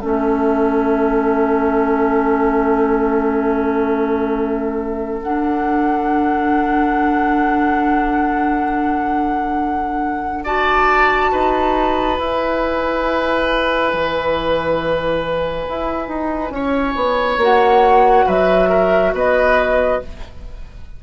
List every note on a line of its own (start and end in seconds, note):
0.00 5.23 A3
0.00 5.23 C#4
0.00 10.44 A4
0.00 5.22 E5
5.23 11.31 D4
5.23 10.45 D4
5.23 10.45 F#5
10.45 12.20 F#4
10.45 11.32 D5
10.45 12.18 A5
11.32 12.19 D#4
11.32 16.54 B4
12.18 13.93 E4
12.18 17.41 E4
12.18 17.40 G#5
13.94 15.68 E3
15.69 16.09 E4
16.09 16.51 D#4
16.51 16.94 C#4
16.51 18.27 C#5
16.96 17.37 B3
17.37 18.24 A#3
17.37 20.02 F#4
17.37 18.28 F#5
18.27 19.13 F#3
18.27 18.70 B4
18.27 19.15 E5
18.70 19.13 A#4
19.13 20.00 B3
19.13 20.02 B4
19.13 20.04 D#5